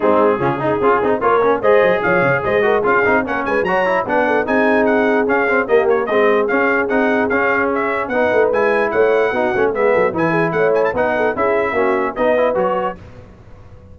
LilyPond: <<
  \new Staff \with { instrumentName = "trumpet" } { \time 4/4 \tempo 4 = 148 gis'2. cis''4 | dis''4 f''4 dis''4 f''4 | fis''8 gis''8 ais''4 fis''4 gis''4 | fis''4 f''4 dis''8 cis''8 dis''4 |
f''4 fis''4 f''4 e''4 | fis''4 gis''4 fis''2 | e''4 gis''4 fis''8 gis''16 a''16 fis''4 | e''2 dis''4 cis''4 | }
  \new Staff \with { instrumentName = "horn" } { \time 4/4 dis'4 f'8 dis'8 gis'4 ais'4 | c''4 cis''4 c''8 ais'8 gis'4 | ais'8 b'8 cis''4 b'8 a'8 gis'4~ | gis'2 g'4 gis'4~ |
gis'1 | b'2 cis''4 fis'4 | gis'8 a'8 b'8 gis'8 cis''4 b'8 a'8 | gis'4 fis'4 b'2 | }
  \new Staff \with { instrumentName = "trombone" } { \time 4/4 c'4 cis'8 dis'8 f'8 dis'8 f'8 cis'8 | gis'2~ gis'8 fis'8 f'8 dis'8 | cis'4 fis'8 e'8 d'4 dis'4~ | dis'4 cis'8 c'8 ais4 c'4 |
cis'4 dis'4 cis'2 | dis'4 e'2 dis'8 cis'8 | b4 e'2 dis'4 | e'4 cis'4 dis'8 e'8 fis'4 | }
  \new Staff \with { instrumentName = "tuba" } { \time 4/4 gis4 cis4 cis'8 c'8 ais4 | gis8 fis8 f8 cis8 gis4 cis'8 c'8 | ais8 gis8 fis4 b4 c'4~ | c'4 cis'4 ais4 gis4 |
cis'4 c'4 cis'2 | b8 a8 gis4 a4 b8 a8 | gis8 fis8 e4 a4 b4 | cis'4 ais4 b4 fis4 | }
>>